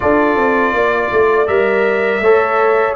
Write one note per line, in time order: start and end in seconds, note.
0.00 0.36 D4
0.00 1.47 F4
0.00 0.75 A4
0.00 1.47 D5
0.36 0.73 C4
0.73 1.10 A#3
0.73 2.23 D5
1.11 1.48 A3
1.47 2.20 G3
1.47 2.21 A#4
1.47 2.95 E5
2.20 2.94 A3
2.20 2.95 A4
2.20 2.95 C#5